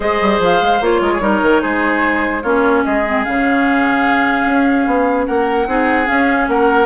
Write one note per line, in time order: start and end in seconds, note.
0.00 0.20 G#3
0.00 0.80 G#4
0.00 1.01 C5
0.00 0.41 D#5
0.21 0.39 G3
0.39 0.59 F3
0.39 0.83 F5
0.61 0.80 G#3
0.80 1.01 A#3
0.80 1.20 F4
0.80 1.61 C#5
1.01 1.20 G#3
1.01 1.12 A#4
1.12 1.21 G#4
1.20 1.40 G3
1.20 2.41 D#4
1.20 1.62 A#4
1.42 1.62 D#3
1.61 2.43 G#3
1.61 2.42 G#4
1.61 2.42 C5
2.42 2.84 A#3
2.42 3.05 C#4
2.42 2.83 F4
2.42 2.83 C#5
2.84 3.26 G#3
2.84 5.26 G#4
2.84 3.24 D#5
3.05 3.25 C4
3.24 4.45 C#3
3.24 5.67 C#4
3.24 5.26 F5
4.45 4.86 C#4
4.86 5.27 B3
5.26 5.66 A#3
5.26 5.67 A#4
5.26 6.07 F#5
5.66 6.07 C4
5.66 6.05 D#4
5.66 6.49 G#4
6.05 6.85 C#4
6.05 6.47 C#4
6.05 6.48 F5
6.47 6.85 A#3
6.47 6.85 A#4
6.47 6.85 F#5